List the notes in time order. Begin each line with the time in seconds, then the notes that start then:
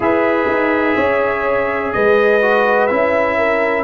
0.00 E4 G#4 B4 E5
0.47 D#4
0.96 C#4 C#5
1.92 G#3 B4 D#5
2.41 F#4
2.86 C#4 E4 E5
3.37 A#4